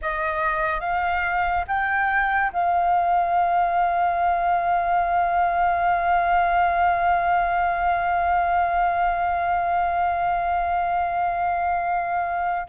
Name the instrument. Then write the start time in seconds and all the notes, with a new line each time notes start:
flute
0.01 D#5
0.80 F5
1.67 G5
2.52 F5